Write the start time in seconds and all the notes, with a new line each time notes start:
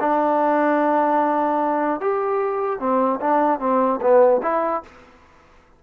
0.00 D4
2.00 G4
2.79 C4
3.20 D4
3.60 C4
4.01 B3
4.42 E4